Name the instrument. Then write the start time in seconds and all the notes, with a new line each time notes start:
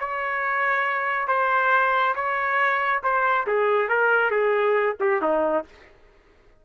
trumpet
0.00 C#5
1.28 C5
2.16 C#5
3.03 C5
3.47 G#4
3.89 A#4
4.31 G#4
5.00 G4
5.22 D#4